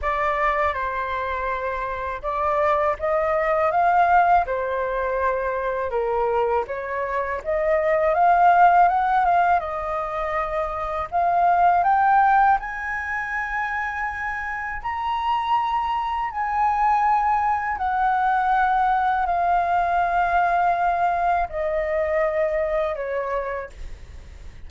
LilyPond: \new Staff \with { instrumentName = "flute" } { \time 4/4 \tempo 4 = 81 d''4 c''2 d''4 | dis''4 f''4 c''2 | ais'4 cis''4 dis''4 f''4 | fis''8 f''8 dis''2 f''4 |
g''4 gis''2. | ais''2 gis''2 | fis''2 f''2~ | f''4 dis''2 cis''4 | }